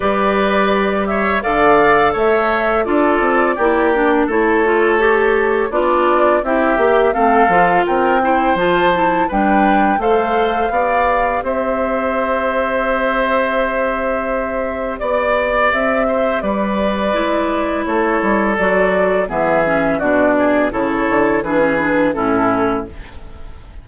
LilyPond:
<<
  \new Staff \with { instrumentName = "flute" } { \time 4/4 \tempo 4 = 84 d''4. e''8 f''4 e''4 | d''2 cis''2 | d''4 e''4 f''4 g''4 | a''4 g''4 f''2 |
e''1~ | e''4 d''4 e''4 d''4~ | d''4 cis''4 d''4 e''4 | d''4 cis''4 b'4 a'4 | }
  \new Staff \with { instrumentName = "oboe" } { \time 4/4 b'4. cis''8 d''4 cis''4 | a'4 g'4 a'2 | d'4 g'4 a'4 ais'8 c''8~ | c''4 b'4 c''4 d''4 |
c''1~ | c''4 d''4. c''8 b'4~ | b'4 a'2 gis'4 | fis'8 gis'8 a'4 gis'4 e'4 | }
  \new Staff \with { instrumentName = "clarinet" } { \time 4/4 g'2 a'2 | f'4 e'8 d'8 e'8 f'8 g'4 | f'4 e'8 g'8 c'8 f'4 e'8 | f'8 e'8 d'4 a'4 g'4~ |
g'1~ | g'1 | e'2 fis'4 b8 cis'8 | d'4 e'4 d'16 cis'16 d'8 cis'4 | }
  \new Staff \with { instrumentName = "bassoon" } { \time 4/4 g2 d4 a4 | d'8 c'8 ais4 a2 | b4 c'8 ais8 a8 f8 c'4 | f4 g4 a4 b4 |
c'1~ | c'4 b4 c'4 g4 | gis4 a8 g8 fis4 e4 | b,4 cis8 d8 e4 a,4 | }
>>